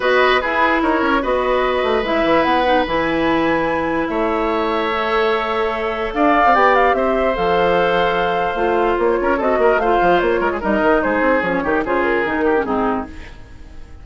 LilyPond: <<
  \new Staff \with { instrumentName = "flute" } { \time 4/4 \tempo 4 = 147 dis''4 b'4 cis''4 dis''4~ | dis''4 e''4 fis''4 gis''4~ | gis''2 e''2~ | e''2. f''4 |
g''8 f''8 e''4 f''2~ | f''2 cis''4 dis''4 | f''4 cis''4 dis''4 c''4 | cis''4 c''8 ais'4. gis'4 | }
  \new Staff \with { instrumentName = "oboe" } { \time 4/4 b'4 gis'4 ais'4 b'4~ | b'1~ | b'2 cis''2~ | cis''2. d''4~ |
d''4 c''2.~ | c''2~ c''8 ais'8 a'8 ais'8 | c''4. ais'16 gis'16 ais'4 gis'4~ | gis'8 g'8 gis'4. g'8 dis'4 | }
  \new Staff \with { instrumentName = "clarinet" } { \time 4/4 fis'4 e'2 fis'4~ | fis'4 e'4. dis'8 e'4~ | e'1 | a'1 |
g'2 a'2~ | a'4 f'2 fis'4 | f'2 dis'2 | cis'8 dis'8 f'4 dis'8. cis'16 c'4 | }
  \new Staff \with { instrumentName = "bassoon" } { \time 4/4 b4 e'4 dis'8 cis'8 b4~ | b8 a8 gis8 e8 b4 e4~ | e2 a2~ | a2. d'8. c'16 |
b4 c'4 f2~ | f4 a4 ais8 cis'8 c'8 ais8 | a8 f8 ais8 gis8 g8 dis8 gis8 c'8 | f8 dis8 cis4 dis4 gis,4 | }
>>